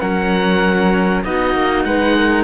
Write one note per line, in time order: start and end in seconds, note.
0.00 1.24 F#3
0.00 1.23 C#4
0.00 1.23 A#4
0.00 1.22 F#5
1.24 1.54 B3
1.24 2.43 D#4
1.24 1.86 F#4
1.24 1.84 D#5
1.54 1.84 A#3
1.84 2.43 G#3
1.84 2.17 B4
1.84 2.43 F#5
2.17 2.43 A#4